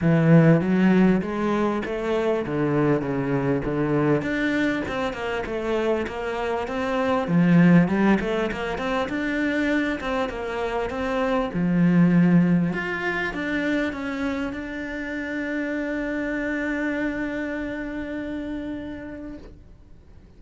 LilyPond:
\new Staff \with { instrumentName = "cello" } { \time 4/4 \tempo 4 = 99 e4 fis4 gis4 a4 | d4 cis4 d4 d'4 | c'8 ais8 a4 ais4 c'4 | f4 g8 a8 ais8 c'8 d'4~ |
d'8 c'8 ais4 c'4 f4~ | f4 f'4 d'4 cis'4 | d'1~ | d'1 | }